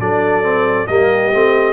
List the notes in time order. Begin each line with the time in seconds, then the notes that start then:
0.00 F#3 D4 A4 D5
0.43 C4
0.87 G3 A#3 G4 D#5
1.33 A3 C4